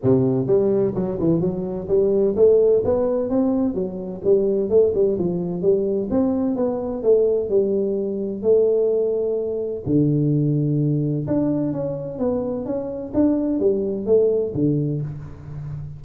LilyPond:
\new Staff \with { instrumentName = "tuba" } { \time 4/4 \tempo 4 = 128 c4 g4 fis8 e8 fis4 | g4 a4 b4 c'4 | fis4 g4 a8 g8 f4 | g4 c'4 b4 a4 |
g2 a2~ | a4 d2. | d'4 cis'4 b4 cis'4 | d'4 g4 a4 d4 | }